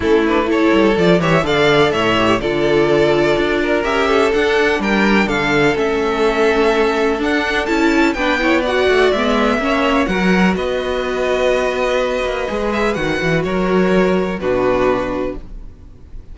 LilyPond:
<<
  \new Staff \with { instrumentName = "violin" } { \time 4/4 \tempo 4 = 125 a'8 b'8 cis''4 d''8 e''8 f''4 | e''4 d''2. | e''4 fis''4 g''4 f''4 | e''2. fis''4 |
a''4 g''4 fis''4 e''4~ | e''4 fis''4 dis''2~ | dis''2~ dis''8 e''8 fis''4 | cis''2 b'2 | }
  \new Staff \with { instrumentName = "violin" } { \time 4/4 e'4 a'4. cis''8 d''4 | cis''4 a'2~ a'8 ais'8~ | ais'8 a'4. ais'4 a'4~ | a'1~ |
a'4 b'8 cis''8 d''2 | cis''4 ais'4 b'2~ | b'1 | ais'2 fis'2 | }
  \new Staff \with { instrumentName = "viola" } { \time 4/4 cis'8 d'8 e'4 f'8 g'8 a'4~ | a'8 g'8 f'2. | g'4 d'2. | cis'2. d'4 |
e'4 d'8 e'8 fis'4 b4 | cis'4 fis'2.~ | fis'2 gis'4 fis'4~ | fis'2 d'2 | }
  \new Staff \with { instrumentName = "cello" } { \time 4/4 a4. g8 f8 e8 d4 | a,4 d2 d'4 | cis'4 d'4 g4 d4 | a2. d'4 |
cis'4 b4. a8 gis4 | ais4 fis4 b2~ | b4. ais8 gis4 dis8 e8 | fis2 b,2 | }
>>